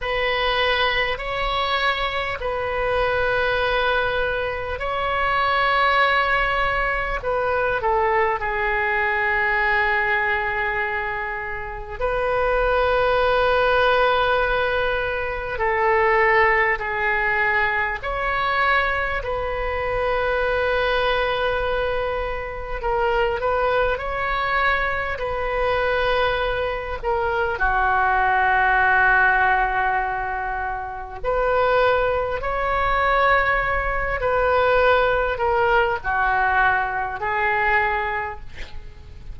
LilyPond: \new Staff \with { instrumentName = "oboe" } { \time 4/4 \tempo 4 = 50 b'4 cis''4 b'2 | cis''2 b'8 a'8 gis'4~ | gis'2 b'2~ | b'4 a'4 gis'4 cis''4 |
b'2. ais'8 b'8 | cis''4 b'4. ais'8 fis'4~ | fis'2 b'4 cis''4~ | cis''8 b'4 ais'8 fis'4 gis'4 | }